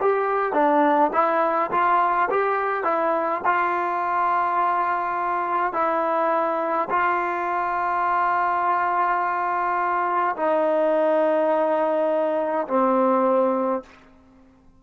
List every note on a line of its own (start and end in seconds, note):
0.00 0.52 G4
0.52 1.10 D4
1.13 1.70 E4
1.71 2.29 F4
2.30 2.83 G4
2.83 3.41 E4
3.45 5.73 F4
5.73 6.88 E4
6.89 10.35 F4
10.36 12.67 D#4
12.67 13.83 C4